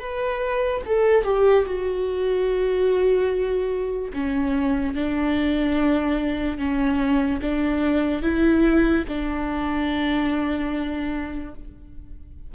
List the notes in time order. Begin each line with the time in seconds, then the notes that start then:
0.00 B4
0.86 A4
1.24 G4
1.66 F#4
4.14 C#4
4.95 D4
6.58 C#4
7.42 D4
8.23 E4
9.08 D4